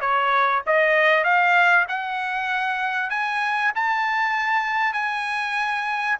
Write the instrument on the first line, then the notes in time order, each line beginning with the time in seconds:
trumpet
0.00 C#5
0.66 D#5
1.24 F5
1.88 F#5
3.10 G#5
3.75 A5
4.93 G#5